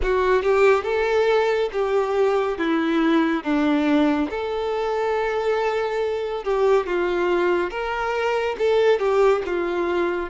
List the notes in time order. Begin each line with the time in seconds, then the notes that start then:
0.02 F#4
0.42 G4
0.83 A4
1.72 G4
2.58 E4
3.43 D4
4.29 A4
6.44 G4
6.86 F4
7.70 A#4
8.58 A4
8.99 G4
9.45 F4